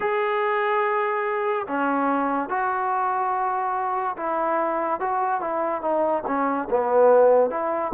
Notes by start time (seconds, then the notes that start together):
0.00 G#4
1.67 C#4
2.49 F#4
4.16 E4
5.00 F#4
5.40 E4
5.81 D#4
6.26 C#4
6.70 B3
7.50 E4